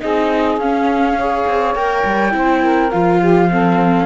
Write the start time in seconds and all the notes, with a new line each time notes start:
0.00 C4 D#4 G#4 D#5
0.57 C#4 F5
1.17 G#4 C#5
1.47 C4
1.75 A#3 A#4 G5
2.05 G3
2.31 C4 E4 C5
2.62 A#4
2.91 F3 F4 F5
3.20 G4
3.50 C4 A4